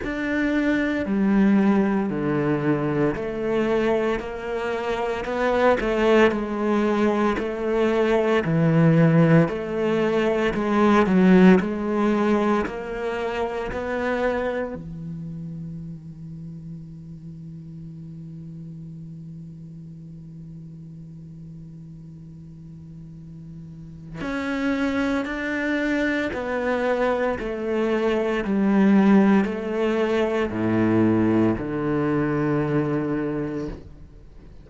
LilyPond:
\new Staff \with { instrumentName = "cello" } { \time 4/4 \tempo 4 = 57 d'4 g4 d4 a4 | ais4 b8 a8 gis4 a4 | e4 a4 gis8 fis8 gis4 | ais4 b4 e2~ |
e1~ | e2. cis'4 | d'4 b4 a4 g4 | a4 a,4 d2 | }